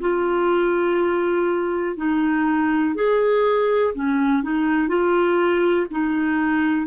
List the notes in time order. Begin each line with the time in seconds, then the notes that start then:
0.00 F4
1.96 D#4
2.95 G#4
3.94 C#4
4.42 D#4
4.88 F4
5.90 D#4